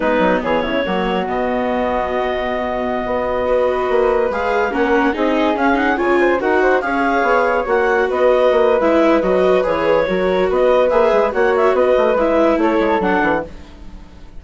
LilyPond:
<<
  \new Staff \with { instrumentName = "clarinet" } { \time 4/4 \tempo 4 = 143 b'4 cis''2 dis''4~ | dis''1~ | dis''2~ dis''16 f''4 fis''8.~ | fis''16 dis''4 f''8 fis''8 gis''4 fis''8.~ |
fis''16 f''2 fis''4 dis''8.~ | dis''4 e''4 dis''4 cis''4~ | cis''4 dis''4 e''4 fis''8 e''8 | dis''4 e''4 cis''4 fis''4 | }
  \new Staff \with { instrumentName = "flute" } { \time 4/4 dis'4 gis'8 e'8 fis'2~ | fis'1~ | fis'16 b'2. ais'8.~ | ais'16 gis'2 cis''8 c''8 ais'8 c''16~ |
c''16 cis''2. b'8.~ | b'1 | ais'4 b'2 cis''4 | b'2 a'2 | }
  \new Staff \with { instrumentName = "viola" } { \time 4/4 b2 ais4 b4~ | b1~ | b16 fis'2 gis'4 cis'8.~ | cis'16 dis'4 cis'8 dis'8 f'4 fis'8.~ |
fis'16 gis'2 fis'4.~ fis'16~ | fis'4 e'4 fis'4 gis'4 | fis'2 gis'4 fis'4~ | fis'4 e'2 d'4 | }
  \new Staff \with { instrumentName = "bassoon" } { \time 4/4 gis8 fis8 e8 cis8 fis4 b,4~ | b,2.~ b,16 b8.~ | b4~ b16 ais4 gis4 ais8.~ | ais16 c'4 cis'4 cis4 dis'8.~ |
dis'16 cis'4 b4 ais4 b8.~ | b16 ais8. gis4 fis4 e4 | fis4 b4 ais8 gis8 ais4 | b8 a8 gis4 a8 gis8 fis8 e8 | }
>>